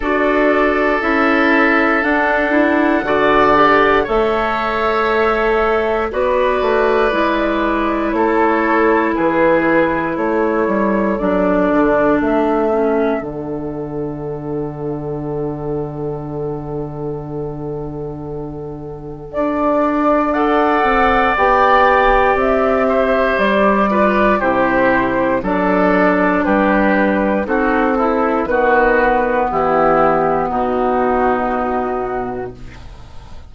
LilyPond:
<<
  \new Staff \with { instrumentName = "flute" } { \time 4/4 \tempo 4 = 59 d''4 e''4 fis''2 | e''2 d''2 | cis''4 b'4 cis''4 d''4 | e''4 fis''2.~ |
fis''2. d''4 | fis''4 g''4 e''4 d''4 | c''4 d''4 b'4 a'4 | b'4 g'4 fis'2 | }
  \new Staff \with { instrumentName = "oboe" } { \time 4/4 a'2. d''4 | cis''2 b'2 | a'4 gis'4 a'2~ | a'1~ |
a'1 | d''2~ d''8 c''4 b'8 | g'4 a'4 g'4 fis'8 e'8 | fis'4 e'4 dis'2 | }
  \new Staff \with { instrumentName = "clarinet" } { \time 4/4 fis'4 e'4 d'8 e'8 fis'8 g'8 | a'2 fis'4 e'4~ | e'2. d'4~ | d'8 cis'8 d'2.~ |
d'1 | a'4 g'2~ g'8 f'8 | e'4 d'2 dis'8 e'8 | b1 | }
  \new Staff \with { instrumentName = "bassoon" } { \time 4/4 d'4 cis'4 d'4 d4 | a2 b8 a8 gis4 | a4 e4 a8 g8 fis8 d8 | a4 d2.~ |
d2. d'4~ | d'8 c'8 b4 c'4 g4 | c4 fis4 g4 c'4 | dis4 e4 b,2 | }
>>